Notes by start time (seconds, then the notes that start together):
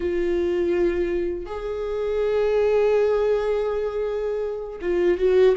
0.00 F4
1.46 G#4
4.81 F4
5.18 F#4